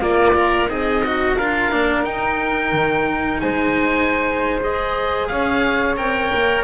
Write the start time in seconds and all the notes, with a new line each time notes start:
0.00 A#3 F4 D5
0.35 A#4
0.68 C4 D#4 G#4 D#5
1.05 F#4
1.37 D4 F4 A#4 F5
1.72 A#3 D4
2.04 D#4 G5
2.72 D#3
3.41 G#3 C5 G#5
4.61 G#4 D#5
5.28 C#4 C#5 F5
5.97 C4 A#4 G5
6.34 A#3